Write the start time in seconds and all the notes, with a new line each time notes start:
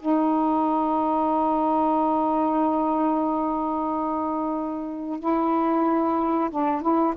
0.00 D#4
5.20 E4
6.51 D4
6.82 E4